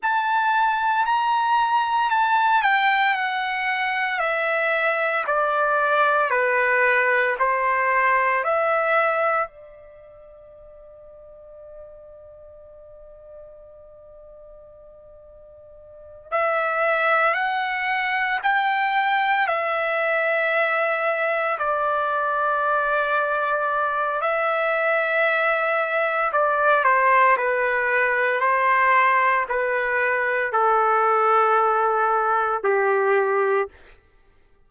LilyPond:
\new Staff \with { instrumentName = "trumpet" } { \time 4/4 \tempo 4 = 57 a''4 ais''4 a''8 g''8 fis''4 | e''4 d''4 b'4 c''4 | e''4 d''2.~ | d''2.~ d''8 e''8~ |
e''8 fis''4 g''4 e''4.~ | e''8 d''2~ d''8 e''4~ | e''4 d''8 c''8 b'4 c''4 | b'4 a'2 g'4 | }